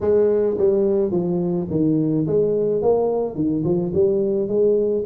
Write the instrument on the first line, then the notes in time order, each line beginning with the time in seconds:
tuba
0.00 G#3
0.58 G3
1.11 F3
1.70 D#3
2.26 G#3
2.82 A#3
3.35 D#3
3.64 F3
3.94 G3
4.48 G#3